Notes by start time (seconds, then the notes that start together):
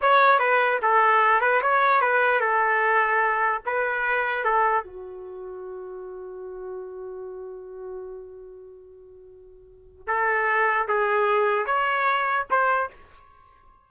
0.01 C#5
0.39 B4
0.81 A4
1.41 B4
1.61 C#5
2.01 B4
2.40 A4
3.65 B4
4.44 A4
4.83 F#4
10.07 A4
10.88 G#4
11.66 C#5
12.50 C5